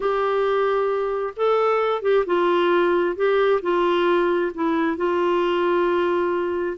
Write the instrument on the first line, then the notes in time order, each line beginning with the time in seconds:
clarinet
0.00 G4
1.36 A4
2.02 G4
2.26 F4
3.15 G4
3.62 F4
4.54 E4
4.96 F4